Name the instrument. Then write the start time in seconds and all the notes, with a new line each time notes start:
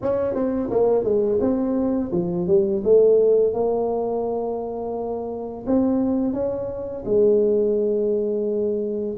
tuba
0.02 C#4
0.34 C4
0.70 A#3
1.04 G#3
1.40 C4
2.11 F3
2.47 G3
2.84 A3
3.53 A#3
5.66 C4
6.33 C#4
7.05 G#3